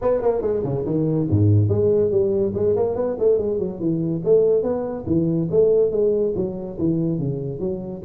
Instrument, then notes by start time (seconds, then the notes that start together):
tuba
0.01 B3
0.21 A#3
0.41 G#3
0.63 C#3
0.85 D#3
1.30 G#2
1.68 G#3
2.10 G3
2.54 G#3
2.75 A#3
2.95 B3
3.18 A3
3.38 G#3
3.58 F#3
3.80 E3
4.24 A3
4.62 B3
5.06 E3
5.50 A3
5.91 G#3
6.35 F#3
6.78 E3
7.18 C#3
7.59 F#3